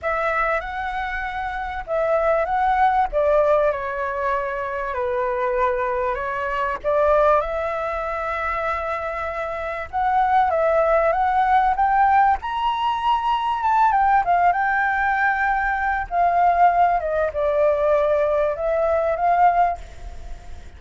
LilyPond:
\new Staff \with { instrumentName = "flute" } { \time 4/4 \tempo 4 = 97 e''4 fis''2 e''4 | fis''4 d''4 cis''2 | b'2 cis''4 d''4 | e''1 |
fis''4 e''4 fis''4 g''4 | ais''2 a''8 g''8 f''8 g''8~ | g''2 f''4. dis''8 | d''2 e''4 f''4 | }